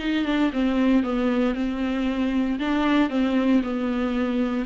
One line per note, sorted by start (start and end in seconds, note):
0.00 0.26 D#4
0.26 0.52 D4
0.53 1.04 C4
1.04 1.55 B3
1.55 2.59 C4
2.60 3.10 D4
3.10 3.62 C4
3.64 4.66 B3